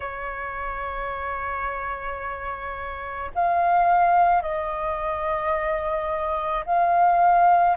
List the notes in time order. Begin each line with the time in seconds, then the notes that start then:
0.00 C#5
3.34 F5
4.41 D#5
6.65 F5